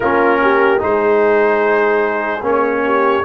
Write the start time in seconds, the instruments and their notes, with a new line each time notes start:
0.00 tuba A#3, trombone C#4, horn F4, trumpet A#4
0.42 horn G4
0.78 tuba G#3, trombone D#4, horn G#4, trumpet C5
2.41 tuba A#3, trombone C#4, trumpet C#5
2.85 horn G4